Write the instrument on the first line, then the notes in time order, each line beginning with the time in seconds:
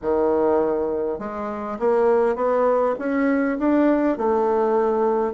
bassoon
0.02 D#3
1.19 G#3
1.79 A#3
2.35 B3
2.98 C#4
3.59 D4
4.17 A3